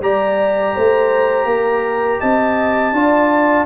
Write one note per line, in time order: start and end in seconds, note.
0.00 0.73 G3
0.00 2.94 G4
0.00 0.75 D5
0.00 2.20 A#5
0.75 1.45 A3
0.75 1.47 C5
1.45 2.18 A#3
1.45 2.20 A#4
2.20 2.92 C4
2.20 2.93 D#5
2.20 3.66 A5
2.92 3.65 D4
2.92 3.66 F4
2.92 3.66 D5